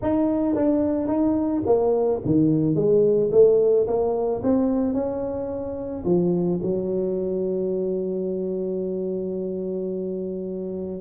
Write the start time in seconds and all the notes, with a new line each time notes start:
0.02 D#4
0.55 D4
1.07 D#4
1.66 A#3
2.25 D#3
2.75 G#3
3.31 A3
3.87 A#3
4.43 C4
4.93 C#4
6.04 F3
6.62 F#3